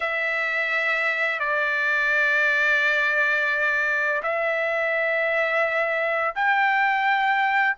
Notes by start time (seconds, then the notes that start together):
0.00 E5
1.39 D5
4.22 E5
6.35 G5